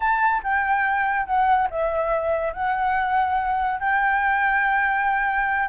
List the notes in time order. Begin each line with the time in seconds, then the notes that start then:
0.00 A5
0.43 G5
1.26 F#5
1.70 E5
2.53 F#5
3.80 G5